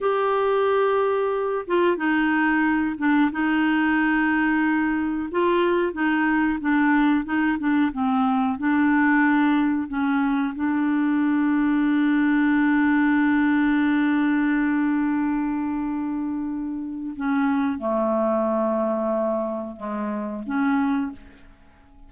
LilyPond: \new Staff \with { instrumentName = "clarinet" } { \time 4/4 \tempo 4 = 91 g'2~ g'8 f'8 dis'4~ | dis'8 d'8 dis'2. | f'4 dis'4 d'4 dis'8 d'8 | c'4 d'2 cis'4 |
d'1~ | d'1~ | d'2 cis'4 a4~ | a2 gis4 cis'4 | }